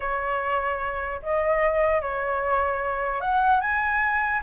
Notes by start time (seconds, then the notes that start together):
0.00 C#5
1.22 D#5
2.01 C#5
3.20 F#5
3.60 G#5